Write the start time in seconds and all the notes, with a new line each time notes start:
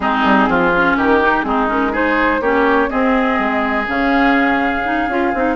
0.00 G#3 C4 D#4 G#4
0.24 G3
0.48 F3 F4
0.75 C#4
0.96 D#3 G4 A#4
1.21 D#4
1.42 G#3 C4 D#4 G#4
1.67 C#4 A#4
1.92 D#4 G#4 C5
2.40 A#3 C#4 G4 C#5
2.89 C4 G#4 D#5
3.38 G#3
3.87 C#3 C#4 F5
4.84 D#4
5.08 C#4 F4
5.34 C4 D#4